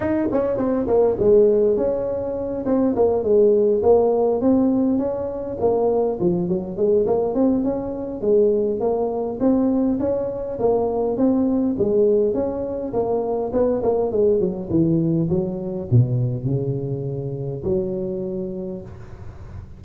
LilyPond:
\new Staff \with { instrumentName = "tuba" } { \time 4/4 \tempo 4 = 102 dis'8 cis'8 c'8 ais8 gis4 cis'4~ | cis'8 c'8 ais8 gis4 ais4 c'8~ | c'8 cis'4 ais4 f8 fis8 gis8 | ais8 c'8 cis'4 gis4 ais4 |
c'4 cis'4 ais4 c'4 | gis4 cis'4 ais4 b8 ais8 | gis8 fis8 e4 fis4 b,4 | cis2 fis2 | }